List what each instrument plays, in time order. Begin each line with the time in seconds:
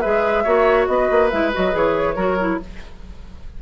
0.00 bassoon G#3, clarinet G#4, oboe B4, flute E5
0.43 bassoon A#3, clarinet F#4, oboe C#5
0.86 bassoon B3, oboe B4, flute D#5
1.11 bassoon A#3
1.30 bassoon G#3, clarinet E4, flute E5
1.53 bassoon F#3, clarinet F#4, flute D#5
1.71 bassoon E3, clarinet G#4, flute C#5
2.15 bassoon F#3, clarinet F#4, oboe A#4
2.39 clarinet E4